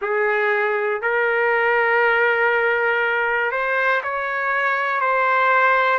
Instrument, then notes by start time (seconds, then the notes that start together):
trumpet
0.01 G#4
1.01 A#4
3.51 C5
4.03 C#5
5.00 C5